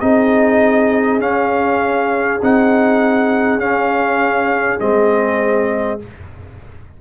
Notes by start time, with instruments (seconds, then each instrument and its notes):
0.00 tuba C4, trombone D#4, horn G#4, trumpet D#5
1.20 tuba C#4, trombone C#4, trumpet F5
2.42 tuba C4, trombone D#4, trumpet F#5
3.56 tuba C#4, trombone C#4, trumpet F5
4.79 tuba G#3, trombone C4, trumpet D#5